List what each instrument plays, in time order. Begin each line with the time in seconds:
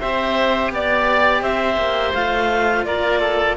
0.00 cello C4 G4, oboe C5, clarinet E5
0.71 cello B3, oboe D5, clarinet D5
1.42 cello C4, oboe C5, clarinet E5
1.77 cello A#3
2.14 cello A3 F4, clarinet F5
2.85 cello A#3, oboe A#4, clarinet D5
3.20 oboe A4